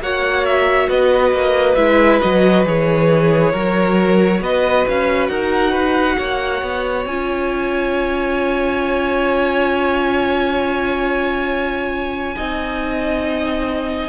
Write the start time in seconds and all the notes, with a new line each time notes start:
0.00 A#3 F#4 C#5 F#5
0.45 E5
0.89 B3 B4 D#5
1.32 A#3
1.75 G#3 E4 E5
2.21 F#3 F#4 D#5
2.65 E3 G#4 C#5
3.52 F#3 F#4 A#4
4.41 B3 B4 D#5
4.88 C#4 F5
5.28 D#4 A#4 F#5
5.72 B4
6.18 A#3 C#5
6.62 B3
7.06 C#4 F4 G#5
12.35 C4 D#4 D#5